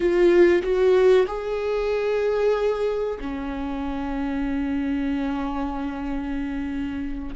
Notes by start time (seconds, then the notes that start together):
0.00 F4
0.62 F#4
1.27 G#4
3.19 C#4